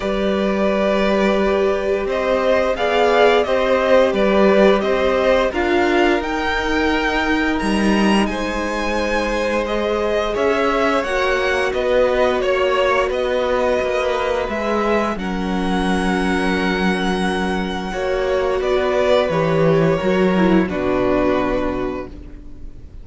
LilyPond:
<<
  \new Staff \with { instrumentName = "violin" } { \time 4/4 \tempo 4 = 87 d''2. dis''4 | f''4 dis''4 d''4 dis''4 | f''4 g''2 ais''4 | gis''2 dis''4 e''4 |
fis''4 dis''4 cis''4 dis''4~ | dis''4 e''4 fis''2~ | fis''2. d''4 | cis''2 b'2 | }
  \new Staff \with { instrumentName = "violin" } { \time 4/4 b'2. c''4 | d''4 c''4 b'4 c''4 | ais'1 | c''2. cis''4~ |
cis''4 b'4 cis''4 b'4~ | b'2 ais'2~ | ais'2 cis''4 b'4~ | b'4 ais'4 fis'2 | }
  \new Staff \with { instrumentName = "viola" } { \time 4/4 g'1 | gis'4 g'2. | f'4 dis'2.~ | dis'2 gis'2 |
fis'1~ | fis'4 gis'4 cis'2~ | cis'2 fis'2 | g'4 fis'8 e'8 d'2 | }
  \new Staff \with { instrumentName = "cello" } { \time 4/4 g2. c'4 | b4 c'4 g4 c'4 | d'4 dis'2 g4 | gis2. cis'4 |
ais4 b4 ais4 b4 | ais4 gis4 fis2~ | fis2 ais4 b4 | e4 fis4 b,2 | }
>>